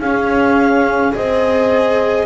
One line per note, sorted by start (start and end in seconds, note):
0.00 1.13 C#4
0.00 1.13 G#4
0.00 1.14 F5
1.13 2.26 C4
1.13 2.26 G#4
1.13 2.26 C5
1.13 2.26 D#5